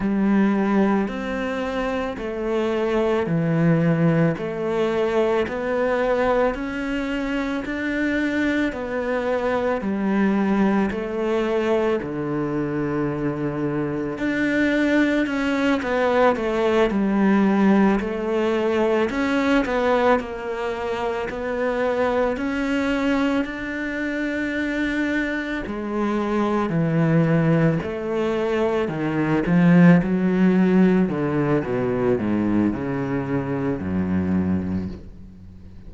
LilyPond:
\new Staff \with { instrumentName = "cello" } { \time 4/4 \tempo 4 = 55 g4 c'4 a4 e4 | a4 b4 cis'4 d'4 | b4 g4 a4 d4~ | d4 d'4 cis'8 b8 a8 g8~ |
g8 a4 cis'8 b8 ais4 b8~ | b8 cis'4 d'2 gis8~ | gis8 e4 a4 dis8 f8 fis8~ | fis8 d8 b,8 gis,8 cis4 fis,4 | }